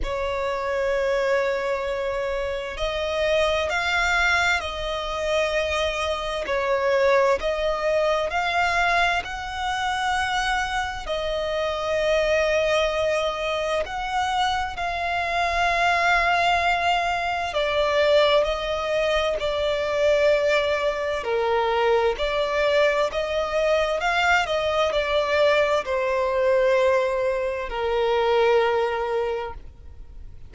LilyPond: \new Staff \with { instrumentName = "violin" } { \time 4/4 \tempo 4 = 65 cis''2. dis''4 | f''4 dis''2 cis''4 | dis''4 f''4 fis''2 | dis''2. fis''4 |
f''2. d''4 | dis''4 d''2 ais'4 | d''4 dis''4 f''8 dis''8 d''4 | c''2 ais'2 | }